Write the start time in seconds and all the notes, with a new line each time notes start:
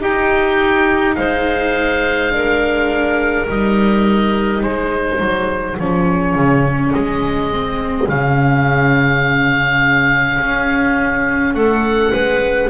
0.00 D#4 G4 G5
1.15 G#3 C5 F5
2.31 D4 A#4
3.48 G3 D#4 D#5
4.62 G#3 G#4 C5
5.19 F#3
5.79 F3 C#4 C#5
6.35 C#3
6.93 G#3 D#5
7.52 C4
8.08 C#3 C#4 F5
10.39 C#4
11.54 A3 A4 F#5
12.12 G#3 B4